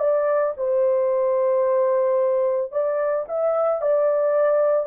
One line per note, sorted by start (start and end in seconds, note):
0.00 0.54 D5
0.57 2.72 C5
2.72 3.26 D5
3.29 3.82 E5
3.82 4.87 D5